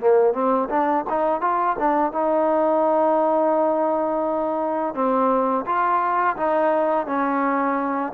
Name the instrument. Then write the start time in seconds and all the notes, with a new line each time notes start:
trombone
0.00 A#3
0.33 C4
0.69 D4
1.09 D#4
1.41 F4
1.79 D4
2.12 D#4
4.94 C4
5.65 F4
6.36 D#4
7.07 C#4